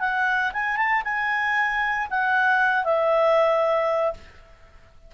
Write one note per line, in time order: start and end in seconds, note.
0.00 0.52 F#5
0.53 0.77 G#5
0.77 1.03 A5
1.04 2.08 G#5
2.10 2.84 F#5
2.84 4.14 E5